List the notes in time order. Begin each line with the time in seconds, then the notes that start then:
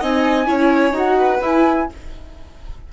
0.00 C4 D#4 D#5 G#5
0.46 C#4 E4 C#5
0.91 D#4 F#4 F#5
1.17 B4
1.41 E4 G#5